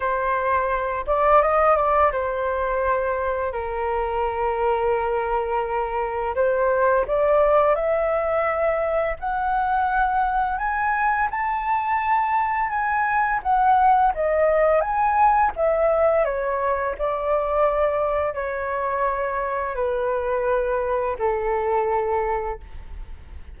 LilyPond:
\new Staff \with { instrumentName = "flute" } { \time 4/4 \tempo 4 = 85 c''4. d''8 dis''8 d''8 c''4~ | c''4 ais'2.~ | ais'4 c''4 d''4 e''4~ | e''4 fis''2 gis''4 |
a''2 gis''4 fis''4 | dis''4 gis''4 e''4 cis''4 | d''2 cis''2 | b'2 a'2 | }